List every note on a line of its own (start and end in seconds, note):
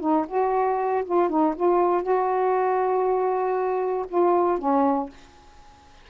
0.00 0.25 D#4
0.28 1.04 F#4
1.05 1.29 F4
1.29 1.54 D#4
1.55 2.02 F4
2.02 4.05 F#4
4.08 4.58 F4
4.58 5.09 C#4